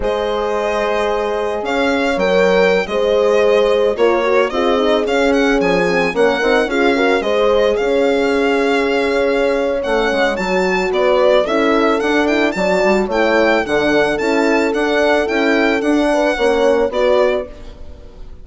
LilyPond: <<
  \new Staff \with { instrumentName = "violin" } { \time 4/4 \tempo 4 = 110 dis''2. f''4 | g''4~ g''16 dis''2 cis''8.~ | cis''16 dis''4 f''8 fis''8 gis''4 fis''8.~ | fis''16 f''4 dis''4 f''4.~ f''16~ |
f''2 fis''4 a''4 | d''4 e''4 fis''8 g''8 a''4 | g''4 fis''4 a''4 fis''4 | g''4 fis''2 d''4 | }
  \new Staff \with { instrumentName = "horn" } { \time 4/4 c''2. cis''4~ | cis''4~ cis''16 c''2 ais'8.~ | ais'16 gis'2. ais'8.~ | ais'16 gis'8 ais'8 c''4 cis''4.~ cis''16~ |
cis''1 | b'4 a'2 d''4 | cis''4 a'2.~ | a'4. b'8 cis''4 b'4 | }
  \new Staff \with { instrumentName = "horn" } { \time 4/4 gis'1 | ais'4~ ais'16 gis'2 f'8 fis'16~ | fis'16 f'8 dis'8 cis'4. c'8 cis'8 dis'16~ | dis'16 f'8 fis'8 gis'2~ gis'8.~ |
gis'2 cis'4 fis'4~ | fis'4 e'4 d'8 e'8 fis'4 | e'4 d'4 e'4 d'4 | e'4 d'4 cis'4 fis'4 | }
  \new Staff \with { instrumentName = "bassoon" } { \time 4/4 gis2. cis'4 | fis4~ fis16 gis2 ais8.~ | ais16 c'4 cis'4 f4 ais8 c'16~ | c'16 cis'4 gis4 cis'4.~ cis'16~ |
cis'2 a8 gis8 fis4 | b4 cis'4 d'4 fis8 g8 | a4 d4 cis'4 d'4 | cis'4 d'4 ais4 b4 | }
>>